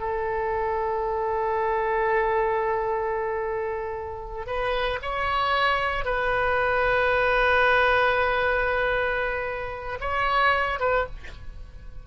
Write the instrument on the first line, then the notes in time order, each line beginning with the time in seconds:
oboe
0.00 A4
4.47 B4
5.02 C#5
6.05 B4
10.01 C#5
10.80 B4